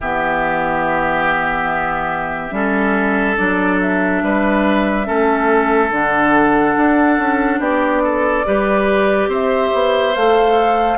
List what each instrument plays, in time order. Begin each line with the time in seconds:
0.01 bassoon E3, clarinet B3, oboe G4, flute E5
2.51 bassoon G3, clarinet C#4, oboe A4
3.37 bassoon F#3, clarinet D4, flute D5
3.80 flute E5
4.22 bassoon G3, oboe B4
5.04 bassoon A3, clarinet C#4, oboe A4
5.90 bassoon D3, clarinet D4, flute F#5
6.76 bassoon D4
7.18 bassoon C#4
7.59 bassoon B3, oboe G4, flute D5
8.04 oboe A4
8.45 bassoon G3, clarinet G4, oboe B4
9.27 bassoon C4, oboe C5, flute E5
9.73 bassoon B3
10.15 bassoon A3, clarinet A4, flute F5